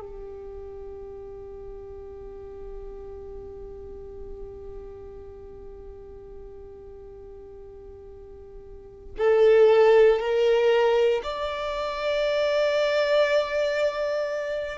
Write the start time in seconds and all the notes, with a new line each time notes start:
0.00 G4
9.18 A4
10.20 A#4
11.24 D5